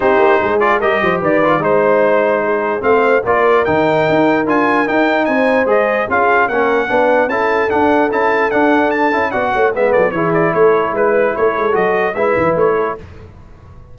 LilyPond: <<
  \new Staff \with { instrumentName = "trumpet" } { \time 4/4 \tempo 4 = 148 c''4. d''8 dis''4 d''4 | c''2. f''4 | d''4 g''2 gis''4 | g''4 gis''4 dis''4 f''4 |
fis''2 a''4 fis''4 | a''4 fis''4 a''4 fis''4 | e''8 d''8 cis''8 d''8 cis''4 b'4 | cis''4 dis''4 e''4 cis''4 | }
  \new Staff \with { instrumentName = "horn" } { \time 4/4 g'4 gis'4 ais'8 c''8 b'4 | c''2 gis'4 c''4 | ais'1~ | ais'4 c''2 gis'4 |
ais'4 b'4 a'2~ | a'2. d''8 cis''8 | b'8 a'8 gis'4 a'4 b'4 | a'2 b'4. a'8 | }
  \new Staff \with { instrumentName = "trombone" } { \time 4/4 dis'4. f'8 g'4. f'8 | dis'2. c'4 | f'4 dis'2 f'4 | dis'2 gis'4 f'4 |
cis'4 d'4 e'4 d'4 | e'4 d'4. e'8 fis'4 | b4 e'2.~ | e'4 fis'4 e'2 | }
  \new Staff \with { instrumentName = "tuba" } { \time 4/4 c'8 ais8 gis4 g8 f8 dis4 | gis2. a4 | ais4 dis4 dis'4 d'4 | dis'4 c'4 gis4 cis'4 |
ais4 b4 cis'4 d'4 | cis'4 d'4. cis'8 b8 a8 | gis8 fis8 e4 a4 gis4 | a8 gis8 fis4 gis8 e8 a4 | }
>>